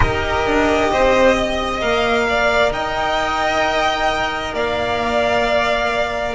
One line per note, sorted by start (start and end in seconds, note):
0.00 0.45 D#4
0.00 1.80 G4
0.00 0.91 A#4
0.00 1.80 D#5
0.45 0.91 D4
0.91 1.82 C4
0.91 1.35 C5
1.35 2.26 D#5
1.80 2.71 A#3
1.80 6.35 A#4
1.80 2.72 F5
2.28 2.73 D5
2.71 4.53 D#4
2.71 4.54 D#5
2.71 4.54 G5
4.53 6.35 A#3
4.53 6.35 D5
4.53 6.35 F5